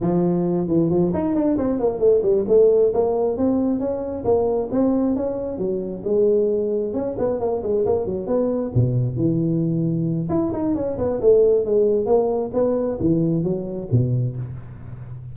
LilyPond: \new Staff \with { instrumentName = "tuba" } { \time 4/4 \tempo 4 = 134 f4. e8 f8 dis'8 d'8 c'8 | ais8 a8 g8 a4 ais4 c'8~ | c'8 cis'4 ais4 c'4 cis'8~ | cis'8 fis4 gis2 cis'8 |
b8 ais8 gis8 ais8 fis8 b4 b,8~ | b,8 e2~ e8 e'8 dis'8 | cis'8 b8 a4 gis4 ais4 | b4 e4 fis4 b,4 | }